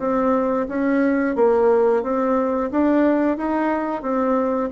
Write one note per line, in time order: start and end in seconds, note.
0.00 0.67 C4
0.69 1.36 C#4
1.36 2.03 A#3
2.03 2.71 C4
2.72 3.38 D4
3.38 4.03 D#4
4.03 4.70 C4